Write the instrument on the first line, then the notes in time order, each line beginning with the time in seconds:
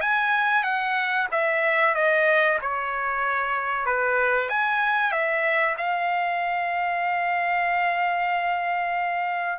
trumpet
0.00 G#5
0.63 F#5
1.31 E5
1.94 D#5
2.61 C#5
3.86 B4
4.49 G#5
5.11 E5
5.77 F5